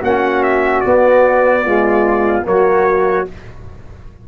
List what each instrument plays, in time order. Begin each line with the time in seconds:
0.00 tuba A#3, trombone C#4, flute F#4, trumpet F#5
0.43 trumpet E5
0.81 trombone B3, tuba B3, trumpet D5
1.64 trombone G#3, flute F4
2.44 tuba F#3, trombone A#3, flute F#4, trumpet C#5